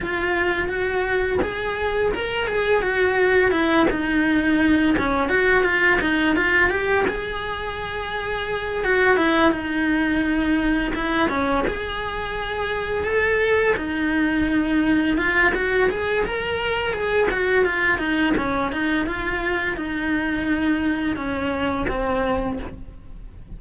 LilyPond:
\new Staff \with { instrumentName = "cello" } { \time 4/4 \tempo 4 = 85 f'4 fis'4 gis'4 ais'8 gis'8 | fis'4 e'8 dis'4. cis'8 fis'8 | f'8 dis'8 f'8 g'8 gis'2~ | gis'8 fis'8 e'8 dis'2 e'8 |
cis'8 gis'2 a'4 dis'8~ | dis'4. f'8 fis'8 gis'8 ais'4 | gis'8 fis'8 f'8 dis'8 cis'8 dis'8 f'4 | dis'2 cis'4 c'4 | }